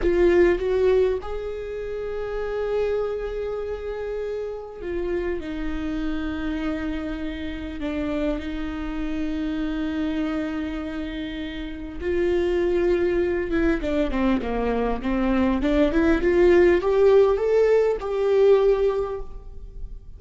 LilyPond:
\new Staff \with { instrumentName = "viola" } { \time 4/4 \tempo 4 = 100 f'4 fis'4 gis'2~ | gis'1 | f'4 dis'2.~ | dis'4 d'4 dis'2~ |
dis'1 | f'2~ f'8 e'8 d'8 c'8 | ais4 c'4 d'8 e'8 f'4 | g'4 a'4 g'2 | }